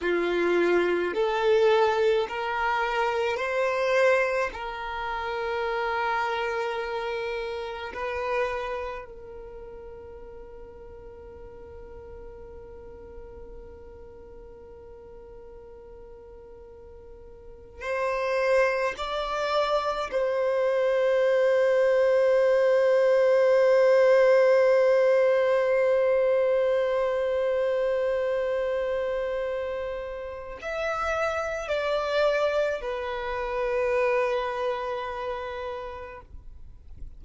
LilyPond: \new Staff \with { instrumentName = "violin" } { \time 4/4 \tempo 4 = 53 f'4 a'4 ais'4 c''4 | ais'2. b'4 | ais'1~ | ais'2.~ ais'8. c''16~ |
c''8. d''4 c''2~ c''16~ | c''1~ | c''2. e''4 | d''4 b'2. | }